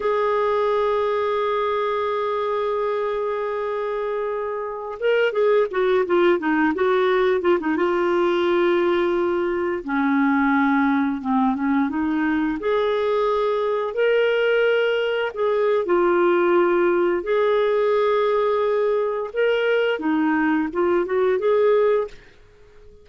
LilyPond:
\new Staff \with { instrumentName = "clarinet" } { \time 4/4 \tempo 4 = 87 gis'1~ | gis'2.~ gis'16 ais'8 gis'16~ | gis'16 fis'8 f'8 dis'8 fis'4 f'16 dis'16 f'8.~ | f'2~ f'16 cis'4.~ cis'16~ |
cis'16 c'8 cis'8 dis'4 gis'4.~ gis'16~ | gis'16 ais'2 gis'8. f'4~ | f'4 gis'2. | ais'4 dis'4 f'8 fis'8 gis'4 | }